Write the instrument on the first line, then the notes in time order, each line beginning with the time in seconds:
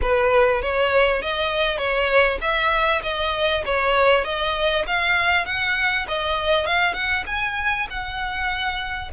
violin
0.01 B4
0.61 C#5
1.21 D#5
1.77 C#5
2.41 E5
3.02 D#5
3.65 C#5
4.24 D#5
4.87 F5
5.45 F#5
6.08 D#5
6.66 F5
6.93 F#5
7.26 G#5
7.90 F#5